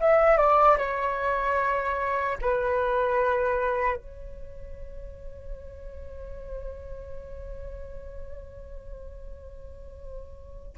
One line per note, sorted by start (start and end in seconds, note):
0.00 0.37 E5
0.37 0.77 D5
0.77 2.37 C#5
2.41 3.96 B4
3.96 10.76 C#5